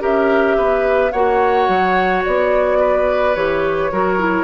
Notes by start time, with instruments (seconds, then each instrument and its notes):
0.00 bassoon C#4, clarinet G4, oboe A#4, flute E5
0.58 bassoon B3, oboe B4
1.12 bassoon A#3, clarinet F#4, oboe C#5, flute F#5
1.68 bassoon F#3
2.25 bassoon B3, flute D5
2.80 oboe B4
3.35 bassoon E3, clarinet G4, flute C#5
3.92 bassoon F#3, clarinet F#4, oboe A#4
4.19 clarinet E4